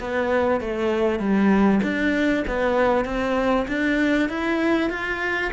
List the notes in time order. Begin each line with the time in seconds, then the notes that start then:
0.00 B3
0.60 A3
1.19 G3
1.83 D4
2.47 B3
3.05 C4
3.68 D4
4.29 E4
4.90 F4